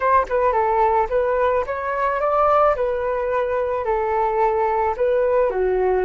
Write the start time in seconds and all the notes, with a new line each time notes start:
0.00 C5
0.29 B4
0.52 A4
1.09 B4
1.66 C#5
2.20 D5
2.75 B4
3.85 A4
4.96 B4
5.50 F#4